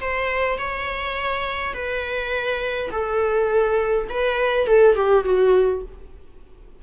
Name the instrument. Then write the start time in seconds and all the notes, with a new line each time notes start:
viola
0.00 C5
0.58 C#5
1.73 B4
2.91 A4
4.09 B4
4.67 A4
4.95 G4
5.23 F#4